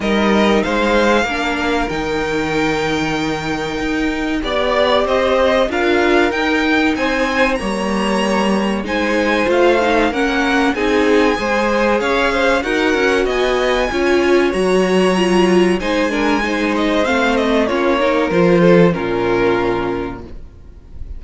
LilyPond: <<
  \new Staff \with { instrumentName = "violin" } { \time 4/4 \tempo 4 = 95 dis''4 f''2 g''4~ | g''2. d''4 | dis''4 f''4 g''4 gis''4 | ais''2 gis''4 f''4 |
fis''4 gis''2 f''4 | fis''4 gis''2 ais''4~ | ais''4 gis''4. dis''8 f''8 dis''8 | cis''4 c''4 ais'2 | }
  \new Staff \with { instrumentName = "violin" } { \time 4/4 ais'4 c''4 ais'2~ | ais'2. d''4 | c''4 ais'2 c''4 | cis''2 c''2 |
ais'4 gis'4 c''4 cis''8 c''8 | ais'4 dis''4 cis''2~ | cis''4 c''8 ais'8 c''2 | f'8 ais'4 a'8 f'2 | }
  \new Staff \with { instrumentName = "viola" } { \time 4/4 dis'2 d'4 dis'4~ | dis'2. g'4~ | g'4 f'4 dis'2 | ais2 dis'4 f'8 dis'8 |
cis'4 dis'4 gis'2 | fis'2 f'4 fis'4 | f'4 dis'8 d'8 dis'4 c'4 | cis'8 dis'8 f'4 cis'2 | }
  \new Staff \with { instrumentName = "cello" } { \time 4/4 g4 gis4 ais4 dis4~ | dis2 dis'4 b4 | c'4 d'4 dis'4 c'4 | g2 gis4 a4 |
ais4 c'4 gis4 cis'4 | dis'8 cis'8 b4 cis'4 fis4~ | fis4 gis2 a4 | ais4 f4 ais,2 | }
>>